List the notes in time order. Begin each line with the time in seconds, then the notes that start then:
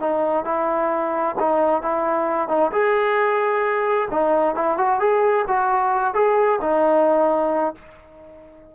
0.00 D#4
0.44 E4
1.39 D#4
1.82 E4
2.48 D#4
2.72 G#4
4.11 D#4
4.55 E4
4.77 F#4
5.00 G#4
5.47 F#4
6.14 G#4
6.61 D#4